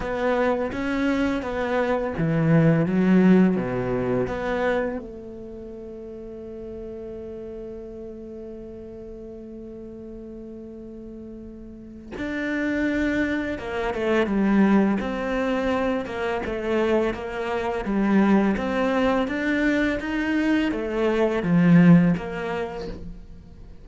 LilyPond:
\new Staff \with { instrumentName = "cello" } { \time 4/4 \tempo 4 = 84 b4 cis'4 b4 e4 | fis4 b,4 b4 a4~ | a1~ | a1~ |
a4 d'2 ais8 a8 | g4 c'4. ais8 a4 | ais4 g4 c'4 d'4 | dis'4 a4 f4 ais4 | }